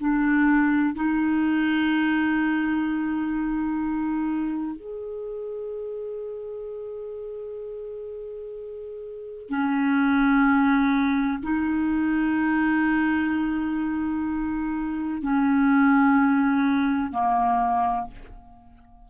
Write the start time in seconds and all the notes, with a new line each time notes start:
0.00 D4
0.96 D#4
4.77 G#4
9.49 C#4
11.43 D#4
15.23 C#4
17.12 A#3